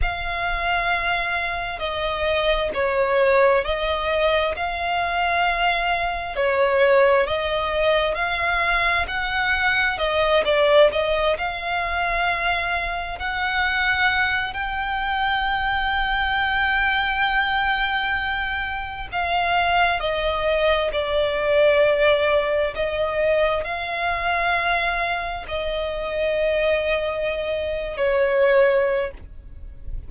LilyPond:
\new Staff \with { instrumentName = "violin" } { \time 4/4 \tempo 4 = 66 f''2 dis''4 cis''4 | dis''4 f''2 cis''4 | dis''4 f''4 fis''4 dis''8 d''8 | dis''8 f''2 fis''4. |
g''1~ | g''4 f''4 dis''4 d''4~ | d''4 dis''4 f''2 | dis''2~ dis''8. cis''4~ cis''16 | }